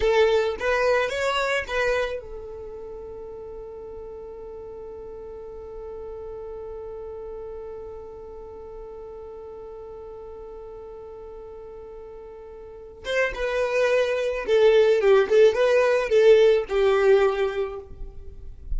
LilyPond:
\new Staff \with { instrumentName = "violin" } { \time 4/4 \tempo 4 = 108 a'4 b'4 cis''4 b'4 | a'1~ | a'1~ | a'1~ |
a'1~ | a'2.~ a'8 c''8 | b'2 a'4 g'8 a'8 | b'4 a'4 g'2 | }